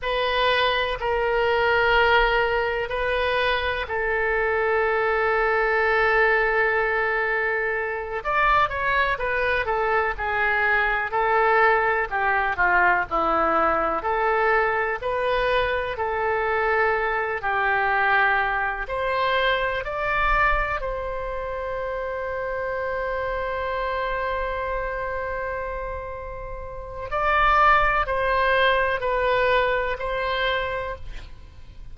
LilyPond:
\new Staff \with { instrumentName = "oboe" } { \time 4/4 \tempo 4 = 62 b'4 ais'2 b'4 | a'1~ | a'8 d''8 cis''8 b'8 a'8 gis'4 a'8~ | a'8 g'8 f'8 e'4 a'4 b'8~ |
b'8 a'4. g'4. c''8~ | c''8 d''4 c''2~ c''8~ | c''1 | d''4 c''4 b'4 c''4 | }